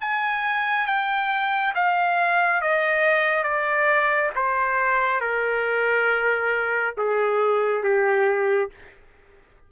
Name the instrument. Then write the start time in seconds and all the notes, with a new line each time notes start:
trumpet
0.00 G#5
0.86 G5
1.74 F5
2.61 D#5
3.43 D5
4.35 C5
5.20 A#4
6.97 G#4
7.83 G4